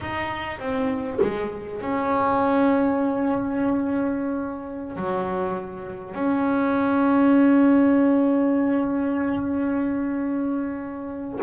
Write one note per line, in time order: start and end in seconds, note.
0.00 0.59 D#4
0.59 1.19 C4
1.21 1.81 G#3
1.81 4.96 C#4
4.96 6.14 F#3
6.14 11.39 C#4